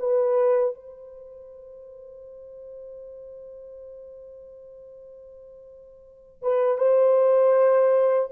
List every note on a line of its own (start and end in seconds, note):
0.00 0.75 B4
0.75 6.43 C5
6.43 6.78 B4
6.78 8.30 C5